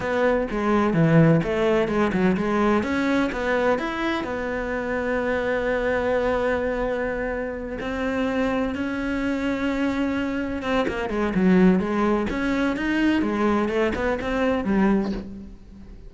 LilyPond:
\new Staff \with { instrumentName = "cello" } { \time 4/4 \tempo 4 = 127 b4 gis4 e4 a4 | gis8 fis8 gis4 cis'4 b4 | e'4 b2.~ | b1~ |
b8 c'2 cis'4.~ | cis'2~ cis'8 c'8 ais8 gis8 | fis4 gis4 cis'4 dis'4 | gis4 a8 b8 c'4 g4 | }